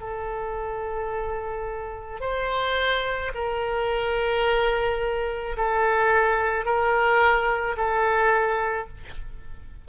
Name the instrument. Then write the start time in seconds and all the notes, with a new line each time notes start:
oboe
0.00 A4
2.21 C5
3.34 A#4
5.57 A4
6.65 A#4
7.77 A4